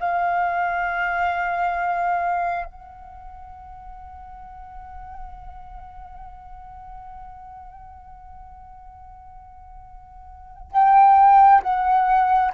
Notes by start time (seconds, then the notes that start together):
0.00 F5
2.65 F#5
10.72 G5
11.62 F#5